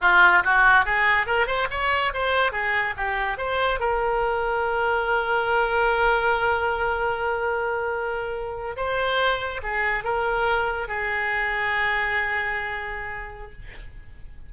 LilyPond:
\new Staff \with { instrumentName = "oboe" } { \time 4/4 \tempo 4 = 142 f'4 fis'4 gis'4 ais'8 c''8 | cis''4 c''4 gis'4 g'4 | c''4 ais'2.~ | ais'1~ |
ais'1~ | ais'8. c''2 gis'4 ais'16~ | ais'4.~ ais'16 gis'2~ gis'16~ | gis'1 | }